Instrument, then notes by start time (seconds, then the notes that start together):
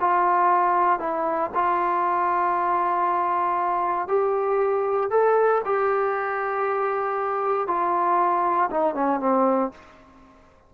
trombone
0.00 F4
0.99 E4
1.54 F4
4.08 G4
5.10 A4
5.65 G4
7.67 F4
8.71 D#4
8.94 C#4
9.20 C4